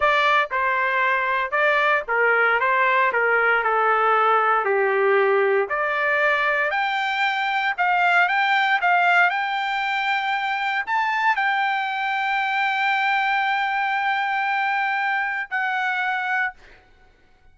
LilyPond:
\new Staff \with { instrumentName = "trumpet" } { \time 4/4 \tempo 4 = 116 d''4 c''2 d''4 | ais'4 c''4 ais'4 a'4~ | a'4 g'2 d''4~ | d''4 g''2 f''4 |
g''4 f''4 g''2~ | g''4 a''4 g''2~ | g''1~ | g''2 fis''2 | }